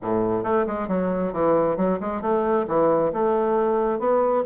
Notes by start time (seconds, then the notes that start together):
0.02 A2
0.43 A3
0.66 G#3
0.88 F#3
1.32 E3
1.76 F#3
2.00 G#3
2.21 A3
2.67 E3
3.12 A3
3.99 B3